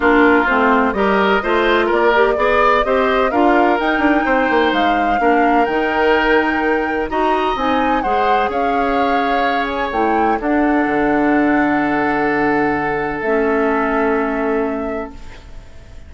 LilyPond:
<<
  \new Staff \with { instrumentName = "flute" } { \time 4/4 \tempo 4 = 127 ais'4 c''4 dis''2 | d''2 dis''4 f''4 | g''2 f''2 | g''2. ais''4 |
gis''4 fis''4 f''2~ | f''8 gis''8 g''4 fis''2~ | fis''1 | e''1 | }
  \new Staff \with { instrumentName = "oboe" } { \time 4/4 f'2 ais'4 c''4 | ais'4 d''4 c''4 ais'4~ | ais'4 c''2 ais'4~ | ais'2. dis''4~ |
dis''4 c''4 cis''2~ | cis''2 a'2~ | a'1~ | a'1 | }
  \new Staff \with { instrumentName = "clarinet" } { \time 4/4 d'4 c'4 g'4 f'4~ | f'8 g'8 gis'4 g'4 f'4 | dis'2. d'4 | dis'2. fis'4 |
dis'4 gis'2.~ | gis'4 e'4 d'2~ | d'1 | cis'1 | }
  \new Staff \with { instrumentName = "bassoon" } { \time 4/4 ais4 a4 g4 a4 | ais4 b4 c'4 d'4 | dis'8 d'8 c'8 ais8 gis4 ais4 | dis2. dis'4 |
c'4 gis4 cis'2~ | cis'4 a4 d'4 d4~ | d1 | a1 | }
>>